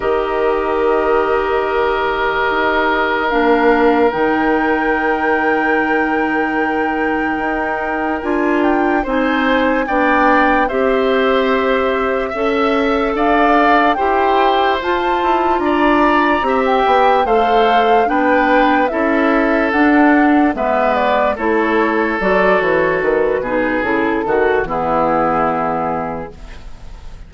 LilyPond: <<
  \new Staff \with { instrumentName = "flute" } { \time 4/4 \tempo 4 = 73 dis''1 | f''4 g''2.~ | g''2 gis''8 g''8 gis''4 | g''4 e''2. |
f''4 g''4 a''4 ais''4~ | ais''16 g''8. f''4 g''4 e''4 | fis''4 e''8 d''8 cis''4 d''8 cis''8 | b'4 a'4 gis'2 | }
  \new Staff \with { instrumentName = "oboe" } { \time 4/4 ais'1~ | ais'1~ | ais'2. c''4 | d''4 c''2 e''4 |
d''4 c''2 d''4 | e''4 c''4 b'4 a'4~ | a'4 b'4 a'2~ | a'8 gis'4 fis'8 e'2 | }
  \new Staff \with { instrumentName = "clarinet" } { \time 4/4 g'1 | d'4 dis'2.~ | dis'2 f'4 dis'4 | d'4 g'2 a'4~ |
a'4 g'4 f'2 | g'4 a'4 d'4 e'4 | d'4 b4 e'4 fis'4~ | fis'8 dis'8 e'8 fis'8 b2 | }
  \new Staff \with { instrumentName = "bassoon" } { \time 4/4 dis2. dis'4 | ais4 dis2.~ | dis4 dis'4 d'4 c'4 | b4 c'2 cis'4 |
d'4 e'4 f'8 e'8 d'4 | c'8 b8 a4 b4 cis'4 | d'4 gis4 a4 fis8 e8 | dis8 b,8 cis8 dis8 e2 | }
>>